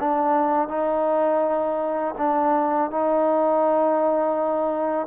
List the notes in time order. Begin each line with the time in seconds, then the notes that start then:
0.00 D4
0.68 D#4
2.18 D4
2.90 D#4